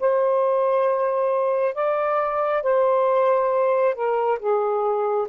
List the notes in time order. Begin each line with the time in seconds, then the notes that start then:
0.00 C5
1.75 D5
2.63 C5
3.95 A#4
4.40 G#4